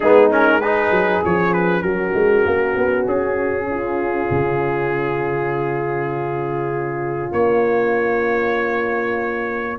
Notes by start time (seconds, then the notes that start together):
0.00 G#3 B3 D#4 G#4
0.30 C#4 A#4
0.59 D#4 G#4 B4
0.90 F#3
1.23 F3 C#4 C#5
1.53 B4
1.82 F#3 F#4 A#4
2.14 G#3
2.46 A#3
2.75 B3
3.06 C#4 G#4
3.70 F4
4.30 C#3
7.32 A#3 C#5